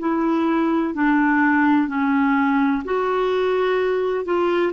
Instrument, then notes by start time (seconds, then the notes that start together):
clarinet
0.00 E4
0.95 D4
1.88 C#4
2.85 F#4
4.25 F4